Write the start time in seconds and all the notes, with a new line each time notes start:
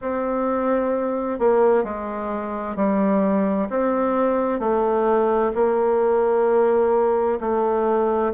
0.01 C4
1.39 A#3
1.84 G#3
2.76 G3
3.69 C4
4.59 A3
5.54 A#3
7.40 A3